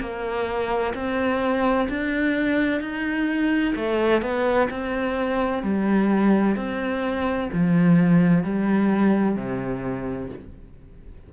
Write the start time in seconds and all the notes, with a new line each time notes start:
0.00 A#3
0.94 C4
1.89 D4
2.81 D#4
3.75 A3
4.22 B3
4.70 C4
5.63 G3
6.56 C4
7.53 F3
8.44 G3
9.35 C3